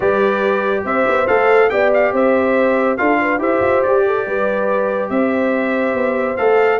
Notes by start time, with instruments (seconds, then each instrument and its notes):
0.00 tuba G3, trombone G4, horn B4, trumpet D5
0.84 tuba C4, horn C5, trumpet E5
1.07 tuba B3
1.27 tuba A3, trombone A4, trumpet F5
1.69 tuba B3, trombone G4, horn D5, trumpet G5
1.93 trumpet F5
2.12 tuba C4, horn C5, trumpet E5
2.97 tuba D4, trombone F4, horn A4, trumpet F5
3.21 horn B4
3.38 tuba E4, trombone G4, horn C5, trumpet E5
3.60 tuba F4
3.82 tuba G4, trumpet D5
4.05 horn A4
4.26 tuba G3, horn B4
5.09 tuba C4, horn C5, trumpet E5
5.94 tuba B3
6.36 tuba A3, trombone A4, trumpet F5